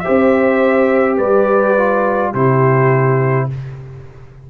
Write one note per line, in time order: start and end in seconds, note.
0.00 1.77 G4
0.00 1.17 C5
0.00 1.15 E5
0.08 1.19 C4
1.17 2.34 G3
1.17 2.32 B4
1.17 2.33 D5
1.77 2.35 F4
2.32 3.49 C3
2.32 3.50 E4
2.32 3.47 G4
2.32 3.49 C5